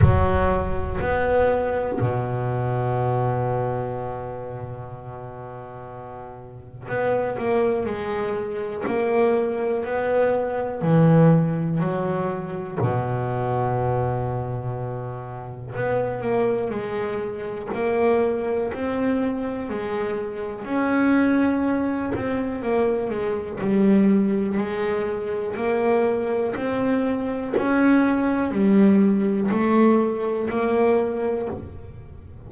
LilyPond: \new Staff \with { instrumentName = "double bass" } { \time 4/4 \tempo 4 = 61 fis4 b4 b,2~ | b,2. b8 ais8 | gis4 ais4 b4 e4 | fis4 b,2. |
b8 ais8 gis4 ais4 c'4 | gis4 cis'4. c'8 ais8 gis8 | g4 gis4 ais4 c'4 | cis'4 g4 a4 ais4 | }